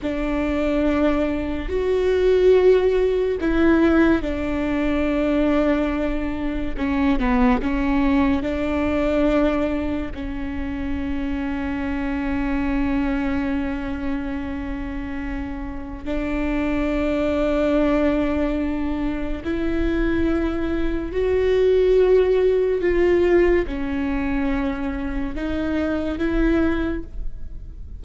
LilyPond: \new Staff \with { instrumentName = "viola" } { \time 4/4 \tempo 4 = 71 d'2 fis'2 | e'4 d'2. | cis'8 b8 cis'4 d'2 | cis'1~ |
cis'2. d'4~ | d'2. e'4~ | e'4 fis'2 f'4 | cis'2 dis'4 e'4 | }